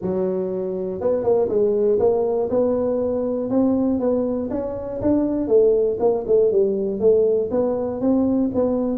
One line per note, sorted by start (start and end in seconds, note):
0.01 1.00 F#3
1.00 1.23 B3
1.23 1.48 A#3
1.48 1.98 G#3
1.99 2.49 A#3
2.50 3.50 B3
3.50 3.99 C4
3.99 4.49 B3
4.50 5.00 C#4
5.01 5.47 D4
5.47 5.97 A3
5.99 6.24 A#3
6.26 6.51 A3
6.51 7.00 G3
7.00 7.50 A3
7.50 8.00 B3
8.00 8.50 C4
8.54 8.97 B3